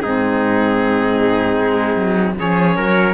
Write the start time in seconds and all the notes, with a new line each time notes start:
0.00 G#2 C4 D#4 G#4
1.58 G#3
1.95 F#3
2.36 F3 C#4 G#4 C#5
2.76 F#3 A#4